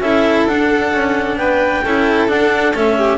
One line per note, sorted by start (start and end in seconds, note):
0.00 0.45 C#4
0.00 0.49 E4
0.00 1.39 A4
0.00 0.46 E5
0.47 0.93 D4
0.47 1.85 D4
0.47 1.37 F#5
0.93 1.36 C#4
1.36 1.82 B3
1.36 1.84 B4
1.36 2.28 G5
1.84 2.29 C#4
1.84 2.28 E4
1.84 2.97 A4
2.28 2.74 D4
2.28 2.75 F#5
2.74 3.18 A3
2.74 3.18 C#4
2.74 3.18 E5
2.97 3.18 G4